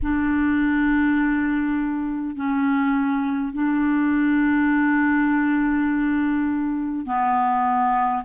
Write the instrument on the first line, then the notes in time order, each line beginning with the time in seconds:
clarinet
0.02 D4
2.36 C#4
3.53 D4
7.06 B3